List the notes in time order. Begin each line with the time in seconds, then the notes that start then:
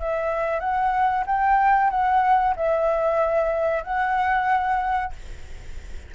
0.00 E5
0.60 F#5
1.26 G5
1.90 F#5
2.56 E5
3.84 F#5